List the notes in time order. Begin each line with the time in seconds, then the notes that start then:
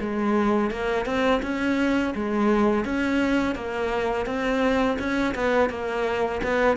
0.00 G#3
0.70 A#3
1.05 C4
1.42 C#4
2.14 G#3
2.84 C#4
3.55 A#3
4.26 C4
4.98 C#4
5.34 B3
5.69 A#3
6.43 B3